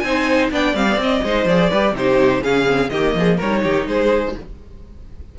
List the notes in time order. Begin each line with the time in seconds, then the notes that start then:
0.00 C4 D#4 C5 G#5
0.52 B3 D4 D5 G5
0.75 G3 C4 F5
0.88 B3
0.97 C4
1.03 D#5
1.24 G#3 D#4 C5
1.46 F3 G#4 D5
1.70 G3 G4 B4
1.93 C3 D#4 G4 C5
2.43 C#3 C#4 G#4 F5
2.67 C4
2.90 D#3 A#3 G4 D#5
3.15 F3 G#4
3.38 G3 D#4 A#4 C#5
3.63 D#3 G4
3.87 G#3 G#4 C5